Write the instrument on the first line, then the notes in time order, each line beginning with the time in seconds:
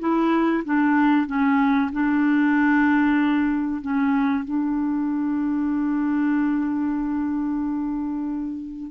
clarinet
0.00 E4
0.65 D4
1.27 C#4
1.93 D4
3.82 C#4
4.45 D4